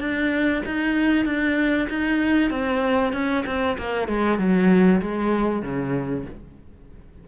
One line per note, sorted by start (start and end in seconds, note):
0.00 0.62 D4
0.66 1.25 D#4
1.25 1.88 D4
1.89 2.51 D#4
2.51 3.13 C4
3.13 3.45 C#4
3.46 3.78 C4
3.78 4.09 A#3
4.09 4.39 G#3
4.39 5.01 F#3
5.01 5.63 G#3
5.63 6.25 C#3